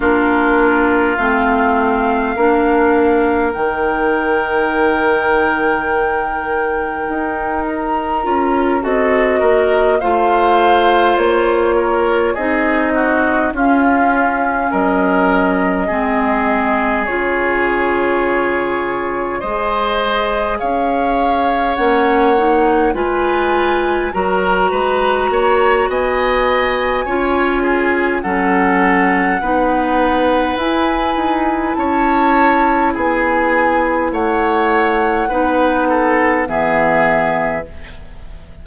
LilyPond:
<<
  \new Staff \with { instrumentName = "flute" } { \time 4/4 \tempo 4 = 51 ais'4 f''2 g''4~ | g''2~ g''8 ais''4 dis''8~ | dis''8 f''4 cis''4 dis''4 f''8~ | f''8 dis''2 cis''4.~ |
cis''8 dis''4 f''4 fis''4 gis''8~ | gis''8 ais''4. gis''2 | fis''2 gis''4 a''4 | gis''4 fis''2 e''4 | }
  \new Staff \with { instrumentName = "oboe" } { \time 4/4 f'2 ais'2~ | ais'2.~ ais'8 a'8 | ais'8 c''4. ais'8 gis'8 fis'8 f'8~ | f'8 ais'4 gis'2~ gis'8~ |
gis'8 c''4 cis''2 b'8~ | b'8 ais'8 b'8 cis''8 dis''4 cis''8 gis'8 | a'4 b'2 cis''4 | gis'4 cis''4 b'8 a'8 gis'4 | }
  \new Staff \with { instrumentName = "clarinet" } { \time 4/4 d'4 c'4 d'4 dis'4~ | dis'2. f'8 fis'8~ | fis'8 f'2 dis'4 cis'8~ | cis'4. c'4 f'4.~ |
f'8 gis'2 cis'8 dis'8 f'8~ | f'8 fis'2~ fis'8 f'4 | cis'4 dis'4 e'2~ | e'2 dis'4 b4 | }
  \new Staff \with { instrumentName = "bassoon" } { \time 4/4 ais4 a4 ais4 dis4~ | dis2 dis'4 cis'8 c'8 | ais8 a4 ais4 c'4 cis'8~ | cis'8 fis4 gis4 cis4.~ |
cis8 gis4 cis'4 ais4 gis8~ | gis8 fis8 gis8 ais8 b4 cis'4 | fis4 b4 e'8 dis'8 cis'4 | b4 a4 b4 e4 | }
>>